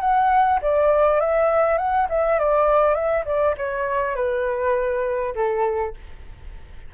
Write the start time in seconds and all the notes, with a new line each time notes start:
0.00 F#5
0.61 D5
1.20 E5
1.77 F#5
2.09 E5
2.38 D5
2.94 E5
3.25 D5
3.57 C#5
4.15 B4
5.35 A4